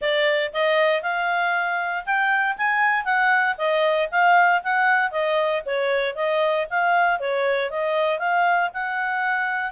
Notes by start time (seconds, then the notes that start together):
0.01 D5
0.53 D#5
1.02 F5
2.05 G5
2.57 G#5
3.04 F#5
3.57 D#5
4.11 F5
4.63 F#5
5.11 D#5
5.65 C#5
6.15 D#5
6.69 F5
7.19 C#5
7.70 D#5
8.18 F5
8.73 F#5